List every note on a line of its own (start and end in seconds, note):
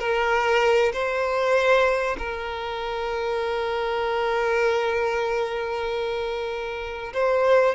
0.00 0.93 A#4
0.93 2.17 C5
2.18 7.13 A#4
7.14 7.75 C5